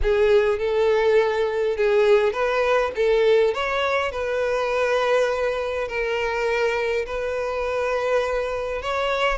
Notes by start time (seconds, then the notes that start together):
0.02 G#4
0.59 A4
1.76 G#4
2.32 B4
2.95 A4
3.54 C#5
4.11 B4
5.88 A#4
7.06 B4
8.82 C#5